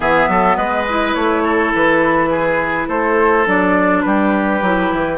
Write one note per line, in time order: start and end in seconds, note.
0.00 0.28 E3
0.00 0.87 B3
0.00 0.28 G#4
0.00 0.56 E5
0.28 0.56 F#3
0.28 0.56 A4
0.56 1.14 G#3
0.56 1.43 B4
0.56 1.14 D#5
0.88 3.46 E4
1.14 1.72 A3
1.14 1.71 C#5
1.43 2.29 A4
1.74 2.87 E3
1.74 2.88 B4
2.30 2.88 G#4
2.87 3.45 A3
2.87 4.03 A4
2.87 3.46 C5
3.46 4.04 F#3
3.46 4.61 D4
3.46 4.01 D5
4.01 4.62 G3
4.01 5.17 G4
4.01 5.16 B4
4.62 4.91 F#3
4.62 5.17 E4
4.92 5.17 E3